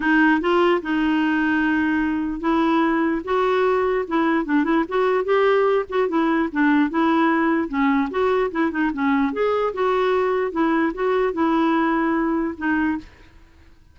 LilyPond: \new Staff \with { instrumentName = "clarinet" } { \time 4/4 \tempo 4 = 148 dis'4 f'4 dis'2~ | dis'2 e'2 | fis'2 e'4 d'8 e'8 | fis'4 g'4. fis'8 e'4 |
d'4 e'2 cis'4 | fis'4 e'8 dis'8 cis'4 gis'4 | fis'2 e'4 fis'4 | e'2. dis'4 | }